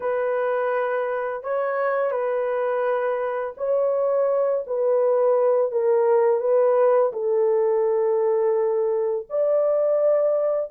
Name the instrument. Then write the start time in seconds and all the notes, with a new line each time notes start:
horn
0.00 B4
1.43 C#5
2.11 B4
3.57 C#5
4.66 B4
5.71 A#4
6.40 B4
7.12 A4
9.29 D5